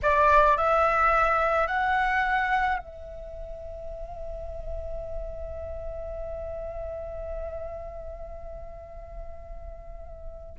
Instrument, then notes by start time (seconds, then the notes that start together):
flute
0.02 D5
0.57 E5
1.67 F#5
2.78 E5